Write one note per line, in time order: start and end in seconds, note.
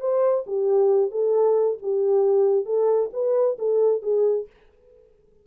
0.00 0.44 C5
0.46 1.11 G4
1.11 1.78 A4
1.82 2.65 G4
2.65 3.09 A4
3.13 3.57 B4
3.58 4.02 A4
4.02 4.46 G#4